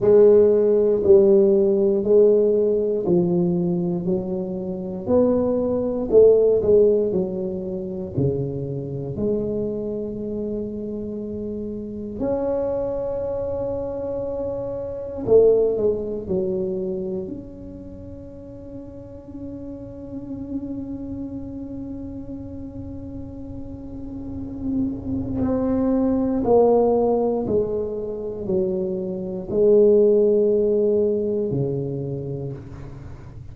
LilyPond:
\new Staff \with { instrumentName = "tuba" } { \time 4/4 \tempo 4 = 59 gis4 g4 gis4 f4 | fis4 b4 a8 gis8 fis4 | cis4 gis2. | cis'2. a8 gis8 |
fis4 cis'2.~ | cis'1~ | cis'4 c'4 ais4 gis4 | fis4 gis2 cis4 | }